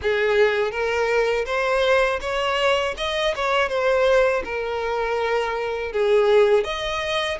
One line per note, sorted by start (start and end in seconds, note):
0.02 0.71 G#4
0.71 1.45 A#4
1.45 2.19 C5
2.20 2.95 C#5
2.97 3.34 D#5
3.35 3.68 C#5
3.68 4.42 C5
4.44 5.92 A#4
5.92 6.64 G#4
6.64 7.38 D#5